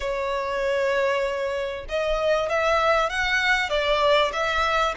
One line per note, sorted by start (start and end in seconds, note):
0.00 1.85 C#5
1.89 2.49 D#5
2.49 3.09 E5
3.09 3.69 F#5
3.69 4.31 D5
4.32 4.94 E5